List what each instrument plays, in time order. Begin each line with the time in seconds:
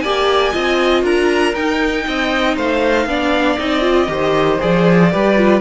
0.00 cello A#3, viola G4, violin D5 G#5
0.53 cello C4, viola F4, violin D#5
1.03 cello D4, violin A#4 A#5
1.55 cello D#4, viola D#4, violin G5
2.08 cello C4, violin D#5
2.56 cello A3, violin C5 F5
3.06 cello B3, viola D4, violin D5
3.58 cello C4, viola D#4, violin D#5
3.81 viola F4
4.08 cello D#3, viola G4, violin C5
4.61 cello F3, viola G#4, violin D5
5.11 cello G3, viola G4, violin B4
5.37 viola F4